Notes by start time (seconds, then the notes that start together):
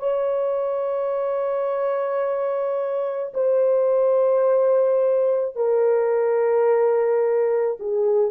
0.00 C#5
3.34 C5
5.56 A#4
7.80 G#4